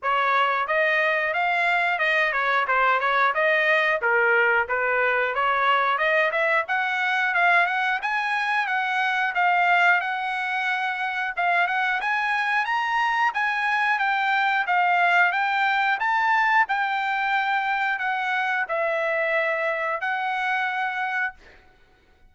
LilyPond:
\new Staff \with { instrumentName = "trumpet" } { \time 4/4 \tempo 4 = 90 cis''4 dis''4 f''4 dis''8 cis''8 | c''8 cis''8 dis''4 ais'4 b'4 | cis''4 dis''8 e''8 fis''4 f''8 fis''8 | gis''4 fis''4 f''4 fis''4~ |
fis''4 f''8 fis''8 gis''4 ais''4 | gis''4 g''4 f''4 g''4 | a''4 g''2 fis''4 | e''2 fis''2 | }